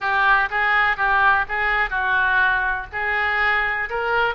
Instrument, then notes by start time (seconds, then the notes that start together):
oboe
0.00 G4
0.50 G#4
0.97 G4
1.48 G#4
1.90 F#4
2.92 G#4
3.89 A#4